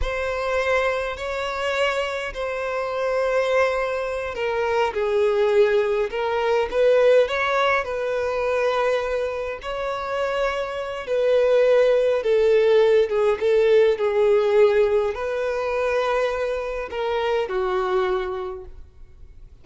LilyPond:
\new Staff \with { instrumentName = "violin" } { \time 4/4 \tempo 4 = 103 c''2 cis''2 | c''2.~ c''8 ais'8~ | ais'8 gis'2 ais'4 b'8~ | b'8 cis''4 b'2~ b'8~ |
b'8 cis''2~ cis''8 b'4~ | b'4 a'4. gis'8 a'4 | gis'2 b'2~ | b'4 ais'4 fis'2 | }